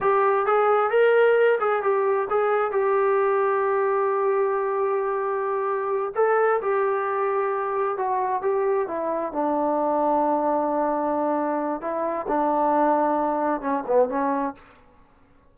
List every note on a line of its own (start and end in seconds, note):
0.00 0.45 G4
0.45 0.90 G#4
0.90 1.58 A#4
1.60 1.82 G#4
1.82 2.28 G4
2.30 2.71 G#4
2.71 6.12 G4
6.15 6.60 A4
6.61 7.97 G4
7.97 8.42 F#4
8.42 8.87 G4
8.87 9.32 E4
9.32 11.81 D4
11.81 12.26 E4
12.27 13.61 D4
13.61 13.83 C#4
13.86 14.09 B3
14.09 14.54 C#4